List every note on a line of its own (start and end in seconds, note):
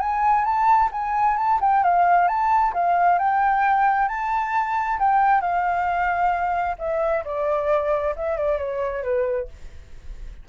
0.00 0.45 G#5
0.45 0.90 A5
0.92 1.37 G#5
1.37 1.60 A5
1.61 1.84 G5
1.84 2.28 F5
2.28 2.73 A5
2.74 3.19 F5
3.19 4.08 G5
4.08 4.99 A5
4.99 5.41 G5
5.41 6.76 F5
6.79 7.24 E5
7.25 8.15 D5
8.16 8.37 E5
8.37 8.58 D5
8.58 9.03 C#5
9.03 9.48 B4